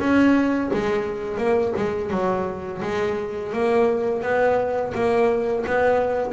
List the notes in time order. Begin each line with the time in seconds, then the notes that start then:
0.00 C#4
0.73 G#3
1.38 A#3
1.76 G#3
2.11 F#3
2.82 G#3
3.53 A#3
4.23 B3
4.95 A#3
5.67 B3